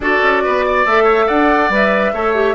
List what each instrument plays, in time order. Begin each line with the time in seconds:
0.00 bassoon D4, clarinet F#4, oboe A4, flute D5
0.22 bassoon C#4
0.44 bassoon B3, oboe B4
0.65 oboe D5
0.85 bassoon A3, clarinet A4, flute E5
1.04 oboe C#5
1.27 bassoon D4, oboe D5, flute F#5
1.69 bassoon G3, clarinet B4, flute E5
2.13 bassoon A3, clarinet A4, oboe C#5
2.34 clarinet G4